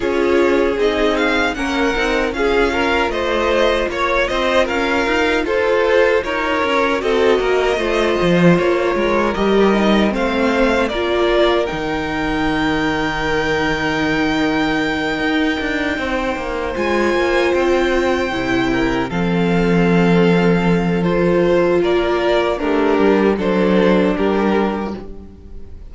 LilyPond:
<<
  \new Staff \with { instrumentName = "violin" } { \time 4/4 \tempo 4 = 77 cis''4 dis''8 f''8 fis''4 f''4 | dis''4 cis''8 dis''8 f''4 c''4 | cis''4 dis''2 cis''4 | dis''4 f''4 d''4 g''4~ |
g''1~ | g''4. gis''4 g''4.~ | g''8 f''2~ f''8 c''4 | d''4 ais'4 c''4 ais'4 | }
  \new Staff \with { instrumentName = "violin" } { \time 4/4 gis'2 ais'4 gis'8 ais'8 | c''4 cis''8 c''8 ais'4 a'4 | ais'4 a'8 ais'8 c''4. ais'8~ | ais'4 c''4 ais'2~ |
ais'1~ | ais'8 c''2.~ c''8 | ais'8 a'2.~ a'8 | ais'4 d'4 a'4 g'4 | }
  \new Staff \with { instrumentName = "viola" } { \time 4/4 f'4 dis'4 cis'8 dis'8 f'4~ | f'1~ | f'4 fis'4 f'2 | g'8 dis'8 c'4 f'4 dis'4~ |
dis'1~ | dis'4. f'2 e'8~ | e'8 c'2~ c'8 f'4~ | f'4 g'4 d'2 | }
  \new Staff \with { instrumentName = "cello" } { \time 4/4 cis'4 c'4 ais8 c'8 cis'4 | a4 ais8 c'8 cis'8 dis'8 f'4 | dis'8 cis'8 c'8 ais8 a8 f8 ais8 gis8 | g4 a4 ais4 dis4~ |
dis2.~ dis8 dis'8 | d'8 c'8 ais8 gis8 ais8 c'4 c8~ | c8 f2.~ f8 | ais4 a8 g8 fis4 g4 | }
>>